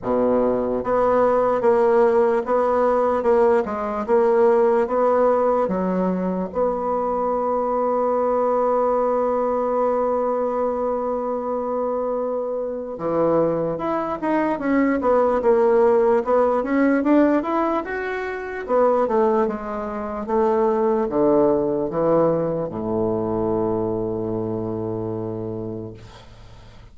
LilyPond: \new Staff \with { instrumentName = "bassoon" } { \time 4/4 \tempo 4 = 74 b,4 b4 ais4 b4 | ais8 gis8 ais4 b4 fis4 | b1~ | b1 |
e4 e'8 dis'8 cis'8 b8 ais4 | b8 cis'8 d'8 e'8 fis'4 b8 a8 | gis4 a4 d4 e4 | a,1 | }